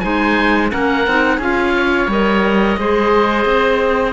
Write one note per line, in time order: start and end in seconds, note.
0.00 0.72 G#3
0.00 0.70 D#4
0.00 0.72 C5
0.00 0.69 G#5
0.70 1.07 A#3
0.70 1.04 C#4
0.70 1.37 A#4
0.70 1.41 F#5
1.07 1.39 C4
1.07 1.41 D#4
1.37 2.08 C#4
1.37 2.10 F4
1.37 1.72 G#4
1.37 2.11 F5
1.76 2.79 C#5
2.08 2.77 G3
2.08 2.79 A#4
2.08 4.13 D#5
2.78 3.45 G#3
2.78 4.13 G#4
2.78 4.13 C5
3.45 4.13 C4